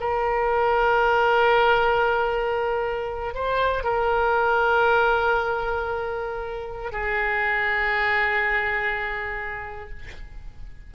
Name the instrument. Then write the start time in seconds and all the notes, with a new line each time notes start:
oboe
0.00 A#4
3.35 C5
3.84 A#4
6.92 G#4